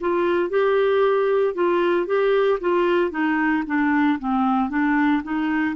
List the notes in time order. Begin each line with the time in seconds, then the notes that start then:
0.00 F4
0.50 G4
1.55 F4
2.06 G4
2.60 F4
3.11 D#4
3.66 D4
4.19 C4
4.69 D4
5.23 D#4